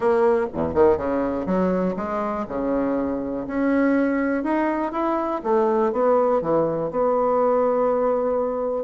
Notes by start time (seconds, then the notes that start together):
0.00 A#3
0.53 E2
0.74 D#3
0.97 C#3
1.46 F#3
1.96 G#3
2.48 C#3
3.47 C#4
4.43 D#4
4.92 E4
5.43 A3
5.92 B3
6.41 E3
6.90 B3